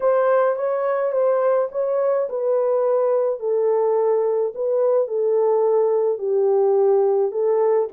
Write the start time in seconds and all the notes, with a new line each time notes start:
0.00 C5
0.56 C#5
1.12 C5
1.71 C#5
2.29 B4
3.39 A4
4.54 B4
5.07 A4
6.18 G4
7.31 A4